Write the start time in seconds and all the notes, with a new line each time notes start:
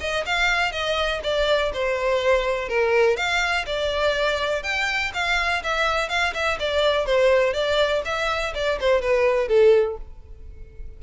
0.00 D#5
0.25 F5
0.72 D#5
1.23 D5
1.73 C5
2.68 A#4
3.16 F5
3.66 D5
4.63 G5
5.14 F5
5.63 E5
6.09 F5
6.33 E5
6.59 D5
7.05 C5
7.53 D5
8.05 E5
8.54 D5
8.80 C5
9.01 B4
9.48 A4